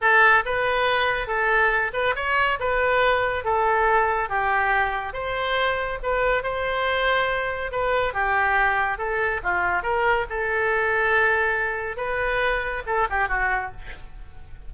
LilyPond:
\new Staff \with { instrumentName = "oboe" } { \time 4/4 \tempo 4 = 140 a'4 b'2 a'4~ | a'8 b'8 cis''4 b'2 | a'2 g'2 | c''2 b'4 c''4~ |
c''2 b'4 g'4~ | g'4 a'4 f'4 ais'4 | a'1 | b'2 a'8 g'8 fis'4 | }